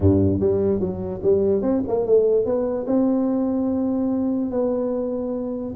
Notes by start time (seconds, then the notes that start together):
0.00 G2
0.40 G3
0.80 F#3
1.22 G3
1.62 C4
1.87 A#3
2.05 A3
2.45 B3
2.87 C4
4.51 B3